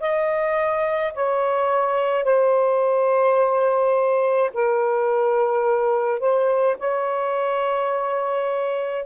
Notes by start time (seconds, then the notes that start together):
0.00 D#5
1.14 C#5
2.24 C5
4.54 A#4
6.20 C5
6.79 C#5